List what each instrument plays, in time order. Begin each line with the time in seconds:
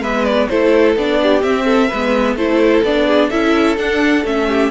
0.00 cello G#3, viola B3, violin B4 E5
0.25 violin D5
0.48 cello A3, viola E4, violin A4 C5
0.96 cello B3, viola D4, violin D5
1.22 violin G4
1.41 viola C4, cello C4, violin E5
1.65 violin A4
1.88 cello G#3, violin B4
1.95 viola B3
2.35 cello A3, viola E4, violin A4 C5
2.83 cello B3, viola D4, violin D5
3.06 violin G#4
3.29 cello C#4, viola E4, violin A4 E5
3.76 viola D4, cello D4, violin F#5
4.24 cello A3, viola C#4, violin E5
4.48 violin G4